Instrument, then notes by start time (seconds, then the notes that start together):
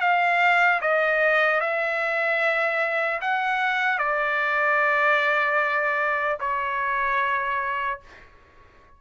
trumpet
0.00 F5
0.81 D#5
1.60 E5
3.21 F#5
3.98 D5
6.40 C#5